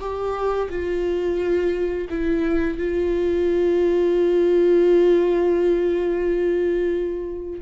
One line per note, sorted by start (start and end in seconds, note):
0.00 0.69 G4
0.70 2.08 F4
2.10 2.78 E4
2.78 7.61 F4